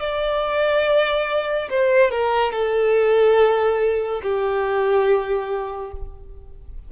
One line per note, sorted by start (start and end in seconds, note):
0.00 1.69 D5
1.70 2.11 C5
2.11 2.52 A#4
2.52 4.21 A4
4.23 5.92 G4